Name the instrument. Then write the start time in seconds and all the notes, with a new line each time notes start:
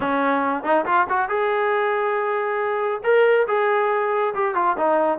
trombone
0.00 C#4
0.63 D#4
0.85 F4
1.09 F#4
1.29 G#4
3.03 A#4
3.47 G#4
4.34 G4
4.54 F4
4.77 D#4